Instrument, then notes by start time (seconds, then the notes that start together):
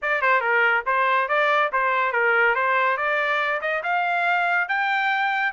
trumpet
0.02 D5
0.21 C5
0.40 A#4
0.86 C5
1.28 D5
1.72 C5
2.12 A#4
2.55 C5
2.97 D5
3.61 D#5
3.83 F5
4.68 G5